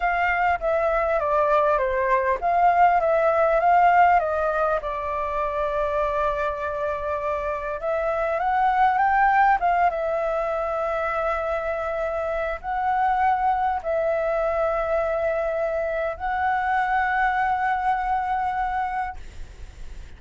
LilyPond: \new Staff \with { instrumentName = "flute" } { \time 4/4 \tempo 4 = 100 f''4 e''4 d''4 c''4 | f''4 e''4 f''4 dis''4 | d''1~ | d''4 e''4 fis''4 g''4 |
f''8 e''2.~ e''8~ | e''4 fis''2 e''4~ | e''2. fis''4~ | fis''1 | }